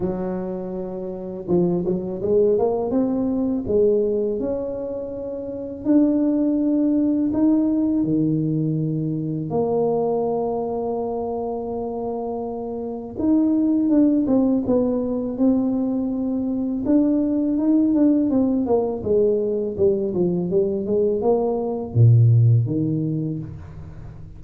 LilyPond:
\new Staff \with { instrumentName = "tuba" } { \time 4/4 \tempo 4 = 82 fis2 f8 fis8 gis8 ais8 | c'4 gis4 cis'2 | d'2 dis'4 dis4~ | dis4 ais2.~ |
ais2 dis'4 d'8 c'8 | b4 c'2 d'4 | dis'8 d'8 c'8 ais8 gis4 g8 f8 | g8 gis8 ais4 ais,4 dis4 | }